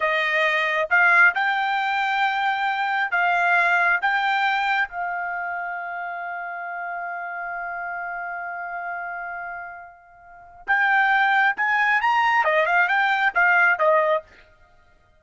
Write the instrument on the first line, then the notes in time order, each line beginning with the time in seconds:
trumpet
0.00 D#5
0.90 F5
1.34 G5
3.11 F5
4.01 G5
4.88 F5
10.67 G5
11.57 G#5
12.01 A#5
12.44 D#5
12.66 F5
12.88 G5
13.34 F5
13.78 D#5